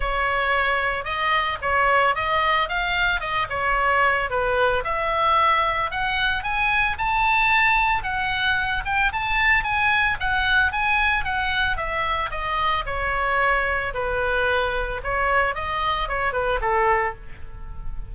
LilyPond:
\new Staff \with { instrumentName = "oboe" } { \time 4/4 \tempo 4 = 112 cis''2 dis''4 cis''4 | dis''4 f''4 dis''8 cis''4. | b'4 e''2 fis''4 | gis''4 a''2 fis''4~ |
fis''8 g''8 a''4 gis''4 fis''4 | gis''4 fis''4 e''4 dis''4 | cis''2 b'2 | cis''4 dis''4 cis''8 b'8 a'4 | }